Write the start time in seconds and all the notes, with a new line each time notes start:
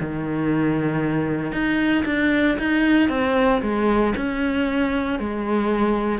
0.00 D#3
1.52 D#4
2.05 D4
2.58 D#4
3.09 C4
3.62 G#3
4.16 C#4
5.19 G#3